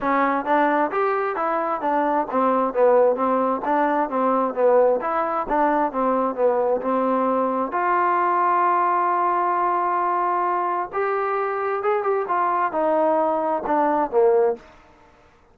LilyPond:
\new Staff \with { instrumentName = "trombone" } { \time 4/4 \tempo 4 = 132 cis'4 d'4 g'4 e'4 | d'4 c'4 b4 c'4 | d'4 c'4 b4 e'4 | d'4 c'4 b4 c'4~ |
c'4 f'2.~ | f'1 | g'2 gis'8 g'8 f'4 | dis'2 d'4 ais4 | }